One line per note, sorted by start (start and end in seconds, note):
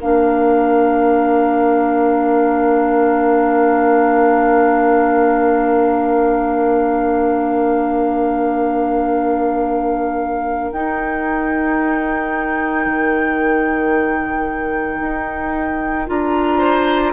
0.00 10.72 A#3
0.00 10.72 D4
0.00 16.58 A#4
0.00 10.71 F5
10.71 12.86 D#4
10.71 16.06 D#4
10.71 16.07 G5
12.86 15.00 D#3
15.01 16.08 D#4
16.06 17.13 D4
16.06 17.13 F4
16.06 17.13 A#5
16.58 17.11 C5